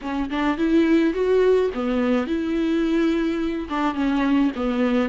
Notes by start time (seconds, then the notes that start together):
0.01 C#4
0.30 D4
0.57 E4
1.13 F#4
1.73 B3
2.26 E4
3.69 D4
3.94 C#4
4.55 B3